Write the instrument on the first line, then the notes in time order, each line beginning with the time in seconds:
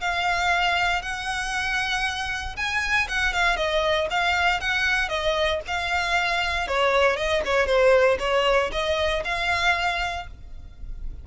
violin
0.00 F5
1.02 F#5
2.56 G#5
3.08 F#5
3.33 F5
3.56 D#5
4.10 F5
4.60 F#5
5.09 D#5
5.67 F5
6.67 C#5
7.16 D#5
7.45 C#5
7.66 C5
8.19 C#5
8.72 D#5
9.24 F5